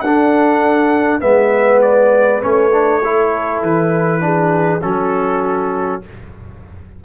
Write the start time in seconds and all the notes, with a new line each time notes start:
0.00 D4 A4 F#5
1.20 G#3 B3 B4 E5
1.81 D5
2.40 A3 C#4 C#5
2.71 D4
3.03 E4 A4
3.62 E3 B4
4.20 D4 G#4
4.81 F#3 C#4 F#4 A4